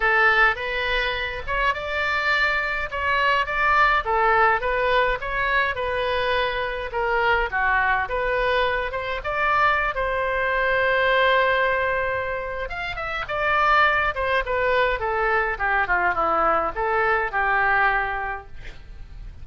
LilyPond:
\new Staff \with { instrumentName = "oboe" } { \time 4/4 \tempo 4 = 104 a'4 b'4. cis''8 d''4~ | d''4 cis''4 d''4 a'4 | b'4 cis''4 b'2 | ais'4 fis'4 b'4. c''8 |
d''4~ d''16 c''2~ c''8.~ | c''2 f''8 e''8 d''4~ | d''8 c''8 b'4 a'4 g'8 f'8 | e'4 a'4 g'2 | }